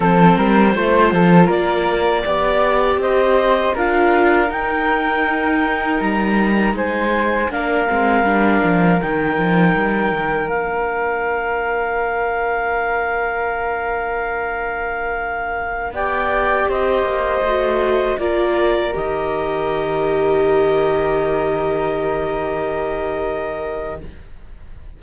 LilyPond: <<
  \new Staff \with { instrumentName = "clarinet" } { \time 4/4 \tempo 4 = 80 c''2 d''2 | dis''4 f''4 g''2 | ais''4 gis''4 f''2 | g''2 f''2~ |
f''1~ | f''4~ f''16 g''4 dis''4.~ dis''16~ | dis''16 d''4 dis''2~ dis''8.~ | dis''1 | }
  \new Staff \with { instrumentName = "flute" } { \time 4/4 a'8 ais'8 c''8 a'8 ais'4 d''4 | c''4 ais'2.~ | ais'4 c''4 ais'2~ | ais'1~ |
ais'1~ | ais'4~ ais'16 d''4 c''4.~ c''16~ | c''16 ais'2.~ ais'8.~ | ais'1 | }
  \new Staff \with { instrumentName = "viola" } { \time 4/4 c'4 f'2 g'4~ | g'4 f'4 dis'2~ | dis'2 d'8 c'8 d'4 | dis'2 d'2~ |
d'1~ | d'4~ d'16 g'2 fis'8.~ | fis'16 f'4 g'2~ g'8.~ | g'1 | }
  \new Staff \with { instrumentName = "cello" } { \time 4/4 f8 g8 a8 f8 ais4 b4 | c'4 d'4 dis'2 | g4 gis4 ais8 gis8 g8 f8 | dis8 f8 g8 dis8 ais2~ |
ais1~ | ais4~ ais16 b4 c'8 ais8 a8.~ | a16 ais4 dis2~ dis8.~ | dis1 | }
>>